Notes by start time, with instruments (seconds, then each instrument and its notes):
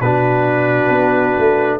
0.00 tuba B2, trombone D4, horn F#4, trumpet B4
0.89 tuba B3
1.38 tuba A3